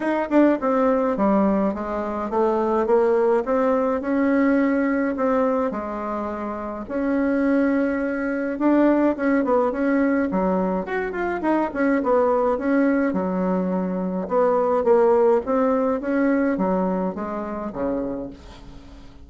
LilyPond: \new Staff \with { instrumentName = "bassoon" } { \time 4/4 \tempo 4 = 105 dis'8 d'8 c'4 g4 gis4 | a4 ais4 c'4 cis'4~ | cis'4 c'4 gis2 | cis'2. d'4 |
cis'8 b8 cis'4 fis4 fis'8 f'8 | dis'8 cis'8 b4 cis'4 fis4~ | fis4 b4 ais4 c'4 | cis'4 fis4 gis4 cis4 | }